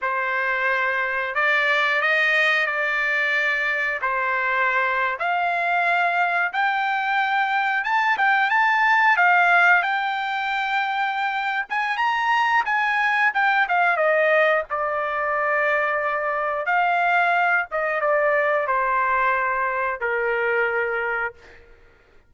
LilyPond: \new Staff \with { instrumentName = "trumpet" } { \time 4/4 \tempo 4 = 90 c''2 d''4 dis''4 | d''2 c''4.~ c''16 f''16~ | f''4.~ f''16 g''2 a''16~ | a''16 g''8 a''4 f''4 g''4~ g''16~ |
g''4. gis''8 ais''4 gis''4 | g''8 f''8 dis''4 d''2~ | d''4 f''4. dis''8 d''4 | c''2 ais'2 | }